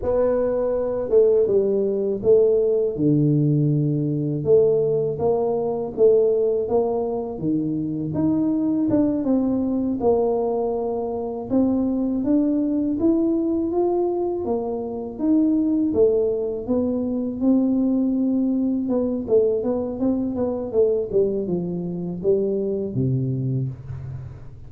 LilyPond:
\new Staff \with { instrumentName = "tuba" } { \time 4/4 \tempo 4 = 81 b4. a8 g4 a4 | d2 a4 ais4 | a4 ais4 dis4 dis'4 | d'8 c'4 ais2 c'8~ |
c'8 d'4 e'4 f'4 ais8~ | ais8 dis'4 a4 b4 c'8~ | c'4. b8 a8 b8 c'8 b8 | a8 g8 f4 g4 c4 | }